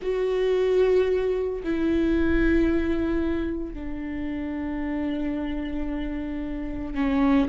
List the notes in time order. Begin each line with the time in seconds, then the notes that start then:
0.01 F#4
1.63 E4
3.73 D4
6.94 C#4